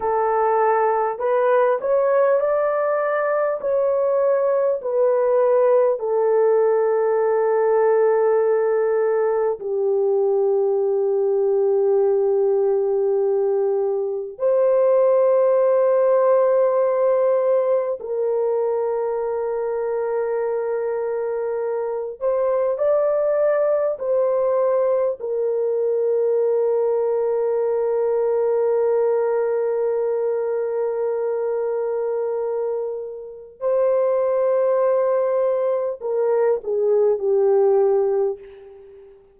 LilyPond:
\new Staff \with { instrumentName = "horn" } { \time 4/4 \tempo 4 = 50 a'4 b'8 cis''8 d''4 cis''4 | b'4 a'2. | g'1 | c''2. ais'4~ |
ais'2~ ais'8 c''8 d''4 | c''4 ais'2.~ | ais'1 | c''2 ais'8 gis'8 g'4 | }